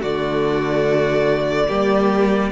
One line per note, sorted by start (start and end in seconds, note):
0.00 1.69 D3
0.00 1.69 A3
0.00 1.67 F#4
0.00 2.52 D5
1.67 2.52 G3
1.67 2.52 A#3
1.67 2.50 G4